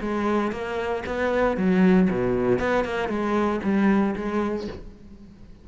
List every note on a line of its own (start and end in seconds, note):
0.00 0.51 G#3
0.51 1.03 A#3
1.06 1.57 B3
1.57 2.08 F#3
2.10 2.59 B2
2.59 2.84 B3
2.84 3.08 A#3
3.08 3.60 G#3
3.63 4.15 G3
4.15 4.67 G#3